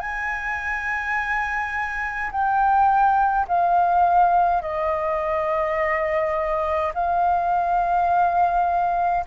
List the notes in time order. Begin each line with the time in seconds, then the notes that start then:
0.00 G#5
2.31 G5
3.48 F5
4.62 D#5
6.94 F5